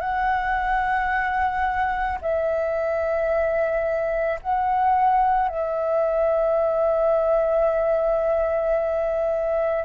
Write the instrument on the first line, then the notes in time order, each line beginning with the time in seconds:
flute
0.00 F#5
2.21 E5
4.42 F#5
5.48 E5